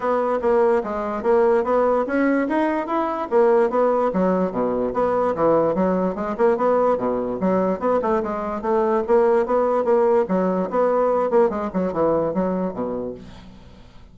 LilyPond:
\new Staff \with { instrumentName = "bassoon" } { \time 4/4 \tempo 4 = 146 b4 ais4 gis4 ais4 | b4 cis'4 dis'4 e'4 | ais4 b4 fis4 b,4 | b4 e4 fis4 gis8 ais8 |
b4 b,4 fis4 b8 a8 | gis4 a4 ais4 b4 | ais4 fis4 b4. ais8 | gis8 fis8 e4 fis4 b,4 | }